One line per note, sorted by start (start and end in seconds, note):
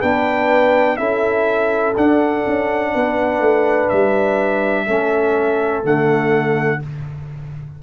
0.00 0.99 B3
0.00 0.97 D4
0.00 0.97 B4
0.00 0.97 G5
0.97 1.96 C#4
0.97 1.94 E4
0.97 2.92 A4
0.97 1.94 E5
1.97 2.45 D4
1.97 4.86 D4
1.97 3.89 F#5
2.47 2.95 C#4
2.94 3.40 B3
2.94 4.86 B4
3.40 3.88 A3
3.89 4.87 G3
3.89 5.83 E5
4.86 5.84 A3
4.86 5.83 C#4
4.86 6.80 A4
5.83 6.81 D3
5.83 6.80 A3
5.83 6.83 F#5